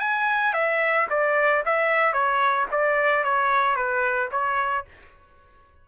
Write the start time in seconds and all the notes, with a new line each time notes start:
0.00 G#5
0.54 E5
1.10 D5
1.66 E5
2.13 C#5
2.72 D5
3.24 C#5
3.76 B4
4.32 C#5